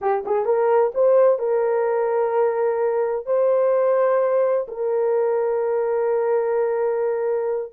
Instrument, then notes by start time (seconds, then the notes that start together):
horn
0.01 G4
0.25 G#4
0.45 A#4
0.94 C5
1.38 A#4
3.26 C5
4.67 A#4